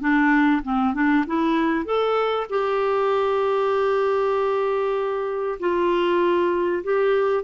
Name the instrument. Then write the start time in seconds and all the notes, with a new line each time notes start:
clarinet
0.00 D4
0.63 C4
0.94 D4
1.27 E4
1.85 A4
2.49 G4
5.59 F4
6.83 G4